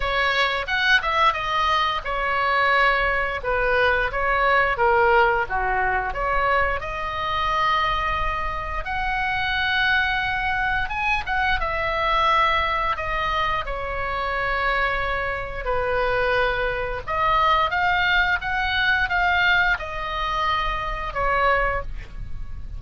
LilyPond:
\new Staff \with { instrumentName = "oboe" } { \time 4/4 \tempo 4 = 88 cis''4 fis''8 e''8 dis''4 cis''4~ | cis''4 b'4 cis''4 ais'4 | fis'4 cis''4 dis''2~ | dis''4 fis''2. |
gis''8 fis''8 e''2 dis''4 | cis''2. b'4~ | b'4 dis''4 f''4 fis''4 | f''4 dis''2 cis''4 | }